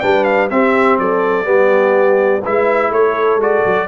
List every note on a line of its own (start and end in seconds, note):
0.00 0.51 G3
0.00 0.50 D4
0.00 0.51 B4
0.00 0.24 G5
0.24 0.48 F5
0.50 0.98 C4
0.50 1.45 C4
0.50 1.00 G4
0.50 0.98 E5
0.98 1.46 F#3
0.98 1.47 A4
0.98 2.44 D5
1.45 2.42 G3
1.45 2.41 B3
1.45 2.42 G4
2.42 2.90 G#3
2.42 3.41 E4
2.42 2.91 B4
2.42 2.92 E5
2.90 3.36 A3
2.90 3.88 A4
2.90 3.41 C#5
3.36 3.60 G#3
3.36 3.88 F#4
3.36 3.88 D5
3.66 3.88 F#3